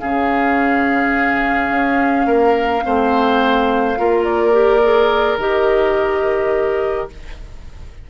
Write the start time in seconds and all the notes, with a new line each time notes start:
0.00 C#3 C#4 G#4 F5
1.70 C#4
2.26 A#3 A#4
2.84 A3 C4 C5
3.97 A#3 F4 A#4
4.24 D5
4.52 G4
4.83 G#4
5.37 D#3 G4 D#5